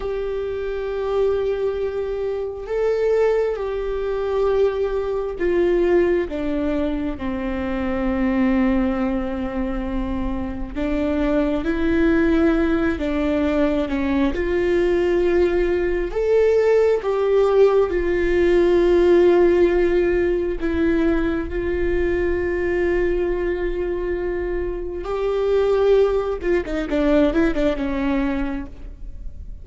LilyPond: \new Staff \with { instrumentName = "viola" } { \time 4/4 \tempo 4 = 67 g'2. a'4 | g'2 f'4 d'4 | c'1 | d'4 e'4. d'4 cis'8 |
f'2 a'4 g'4 | f'2. e'4 | f'1 | g'4. f'16 dis'16 d'8 e'16 d'16 cis'4 | }